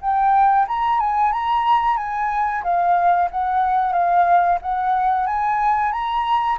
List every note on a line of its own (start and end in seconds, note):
0.00 0.66 G5
0.67 1.00 A#5
1.00 1.32 G#5
1.32 1.97 A#5
1.97 2.63 G#5
2.63 3.29 F5
3.31 3.92 F#5
3.92 4.58 F5
4.62 5.26 F#5
5.26 5.92 G#5
5.92 6.58 A#5